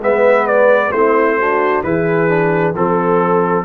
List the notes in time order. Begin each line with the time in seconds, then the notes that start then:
0.00 G#3 B3 B4 E5
0.47 D5
0.92 A3 C4 E4 C5
1.40 D4 F#4
1.84 E3 E4 G#4 B4
2.29 D4
2.75 F3 C4 A4